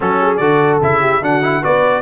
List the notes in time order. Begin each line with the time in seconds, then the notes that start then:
0.00 F#3 C#4 F#4 A4
0.21 G#4
0.36 D3 F#4 A4 D5
0.81 C#3 E4 E5
1.01 G4
1.21 D3 D4 F#4 F#5
1.42 E4
1.61 B3 F#4 B4 D5